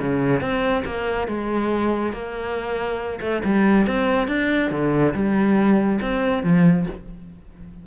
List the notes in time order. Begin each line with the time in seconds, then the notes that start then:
0.00 C#3
0.41 C4
0.85 A#3
1.28 G#3
2.13 A#3
3.21 A3
3.44 G3
3.87 C4
4.28 D4
4.71 D3
5.14 G3
6.02 C4
6.43 F3